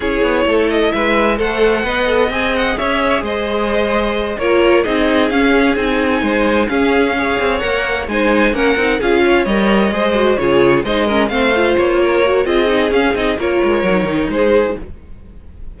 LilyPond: <<
  \new Staff \with { instrumentName = "violin" } { \time 4/4 \tempo 4 = 130 cis''4. dis''8 e''4 fis''4~ | fis''4 gis''8 fis''8 e''4 dis''4~ | dis''4. cis''4 dis''4 f''8~ | f''8 gis''2 f''4.~ |
f''8 fis''4 gis''4 fis''4 f''8~ | f''8 dis''2 cis''4 dis''8~ | dis''8 f''4 cis''4. dis''4 | f''8 dis''8 cis''2 c''4 | }
  \new Staff \with { instrumentName = "violin" } { \time 4/4 gis'4 a'4 b'4 a'4 | dis''2 cis''4 c''4~ | c''4. ais'4 gis'4.~ | gis'4. c''4 gis'4 cis''8~ |
cis''4. c''4 ais'4 gis'8 | cis''4. c''4 gis'4 c''8 | ais'8 c''4. ais'4 gis'4~ | gis'4 ais'2 gis'4 | }
  \new Staff \with { instrumentName = "viola" } { \time 4/4 e'2. c''4 | b'8 a'8 gis'2.~ | gis'4. f'4 dis'4 cis'8~ | cis'8 dis'2 cis'4 gis'8~ |
gis'8 ais'4 dis'4 cis'8 dis'8 f'8~ | f'8 ais'4 gis'8 fis'8 f'4 dis'8 | cis'8 c'8 f'4. fis'8 f'8 dis'8 | cis'8 dis'8 f'4 dis'2 | }
  \new Staff \with { instrumentName = "cello" } { \time 4/4 cis'8 b8 a4 gis4 a4 | b4 c'4 cis'4 gis4~ | gis4. ais4 c'4 cis'8~ | cis'8 c'4 gis4 cis'4. |
c'8 ais4 gis4 ais8 c'8 cis'8~ | cis'8 g4 gis4 cis4 gis8~ | gis8 a4 ais4. c'4 | cis'8 c'8 ais8 gis8 fis8 dis8 gis4 | }
>>